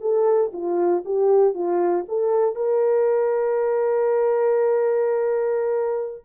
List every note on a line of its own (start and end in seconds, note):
0.00 0.51 A4
0.52 1.03 F4
1.05 1.54 G4
1.54 2.05 F4
2.08 2.55 A4
2.55 6.24 A#4